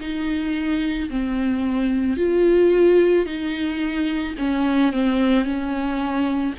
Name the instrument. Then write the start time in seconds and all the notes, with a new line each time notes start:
viola
0.00 D#4
1.10 C4
2.17 F4
3.25 D#4
4.38 C#4
4.92 C4
5.44 C#4